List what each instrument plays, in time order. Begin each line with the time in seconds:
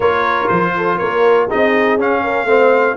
0.00 tuba A#3, trombone F4, horn A#4, trumpet C#5
0.48 tuba F3, trumpet C5
0.76 horn A4
0.98 tuba A#3, horn A#4, trumpet C#5
1.47 trombone D#4, horn G#4, trumpet D#5
1.53 tuba C4
1.97 tuba C#4, trombone C#4, trumpet F5
2.23 horn A#4
2.44 tuba A3, trombone C4, horn C5